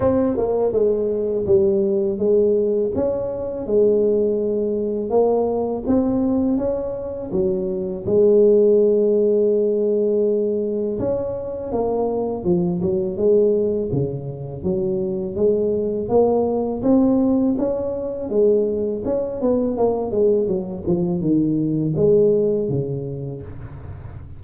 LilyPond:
\new Staff \with { instrumentName = "tuba" } { \time 4/4 \tempo 4 = 82 c'8 ais8 gis4 g4 gis4 | cis'4 gis2 ais4 | c'4 cis'4 fis4 gis4~ | gis2. cis'4 |
ais4 f8 fis8 gis4 cis4 | fis4 gis4 ais4 c'4 | cis'4 gis4 cis'8 b8 ais8 gis8 | fis8 f8 dis4 gis4 cis4 | }